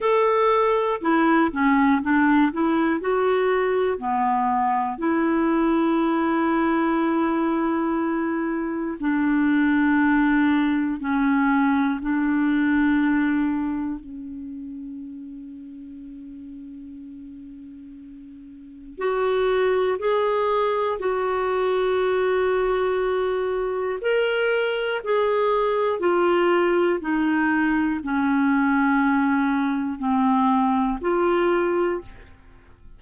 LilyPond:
\new Staff \with { instrumentName = "clarinet" } { \time 4/4 \tempo 4 = 60 a'4 e'8 cis'8 d'8 e'8 fis'4 | b4 e'2.~ | e'4 d'2 cis'4 | d'2 cis'2~ |
cis'2. fis'4 | gis'4 fis'2. | ais'4 gis'4 f'4 dis'4 | cis'2 c'4 f'4 | }